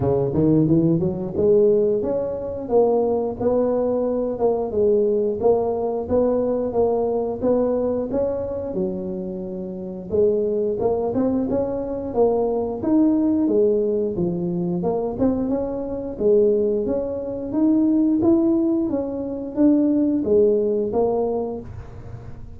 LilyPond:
\new Staff \with { instrumentName = "tuba" } { \time 4/4 \tempo 4 = 89 cis8 dis8 e8 fis8 gis4 cis'4 | ais4 b4. ais8 gis4 | ais4 b4 ais4 b4 | cis'4 fis2 gis4 |
ais8 c'8 cis'4 ais4 dis'4 | gis4 f4 ais8 c'8 cis'4 | gis4 cis'4 dis'4 e'4 | cis'4 d'4 gis4 ais4 | }